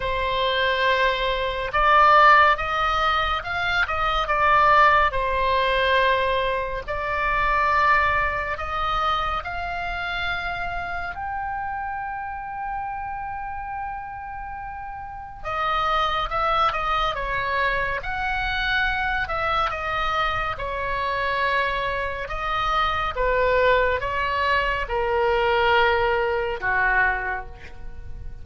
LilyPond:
\new Staff \with { instrumentName = "oboe" } { \time 4/4 \tempo 4 = 70 c''2 d''4 dis''4 | f''8 dis''8 d''4 c''2 | d''2 dis''4 f''4~ | f''4 g''2.~ |
g''2 dis''4 e''8 dis''8 | cis''4 fis''4. e''8 dis''4 | cis''2 dis''4 b'4 | cis''4 ais'2 fis'4 | }